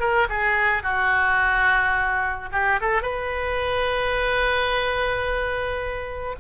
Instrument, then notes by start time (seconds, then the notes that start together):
oboe
0.00 A#4
0.30 G#4
0.83 F#4
2.52 G4
2.81 A4
3.02 B4